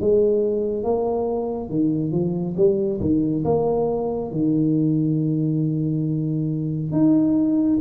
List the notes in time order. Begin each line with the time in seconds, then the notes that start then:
0.00 G#3
0.83 A#3
1.69 D#3
2.11 F3
2.57 G3
3.00 D#3
3.45 A#3
4.31 D#3
6.92 D#4